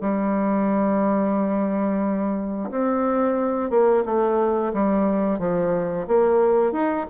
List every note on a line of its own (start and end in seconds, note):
0.00 2.70 G3
2.70 3.70 C4
3.70 4.03 A#3
4.05 4.72 A3
4.73 5.39 G3
5.39 6.06 F3
6.07 6.72 A#3
6.72 7.05 D#4